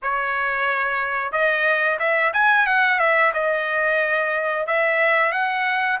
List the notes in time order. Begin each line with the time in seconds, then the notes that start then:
0.02 C#5
1.32 D#5
1.99 E5
2.33 G#5
2.66 F#5
2.99 E5
3.33 D#5
4.66 E5
5.32 F#5